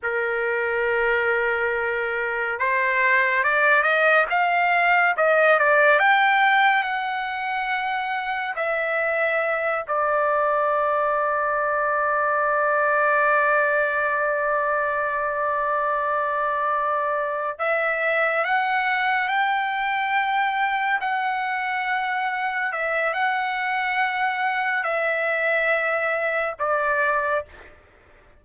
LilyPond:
\new Staff \with { instrumentName = "trumpet" } { \time 4/4 \tempo 4 = 70 ais'2. c''4 | d''8 dis''8 f''4 dis''8 d''8 g''4 | fis''2 e''4. d''8~ | d''1~ |
d''1~ | d''8 e''4 fis''4 g''4.~ | g''8 fis''2 e''8 fis''4~ | fis''4 e''2 d''4 | }